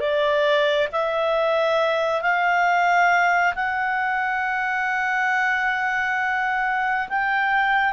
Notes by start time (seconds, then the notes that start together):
0.00 D5
0.92 E5
2.22 F5
3.55 F#5
7.09 G5